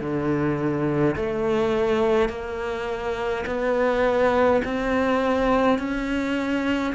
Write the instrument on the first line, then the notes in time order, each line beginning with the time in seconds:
cello
0.00 D3
1.16 A3
2.29 A#3
3.46 B3
4.64 C4
5.78 C#4